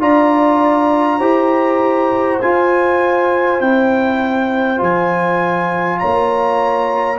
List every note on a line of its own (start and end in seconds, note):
0.00 1.20 D4
0.00 1.20 F4
0.00 1.19 D5
0.00 2.41 A#5
1.19 2.40 E4
1.19 2.40 G4
1.19 5.99 C5
2.41 3.61 F4
2.41 3.60 F4
2.41 3.61 G#5
3.60 4.80 C4
3.60 4.76 E4
3.60 4.81 G5
4.76 6.01 F3
4.76 7.17 F4
4.83 5.99 G#5
5.99 7.19 A#3
5.99 7.19 C#5
5.99 7.19 A#5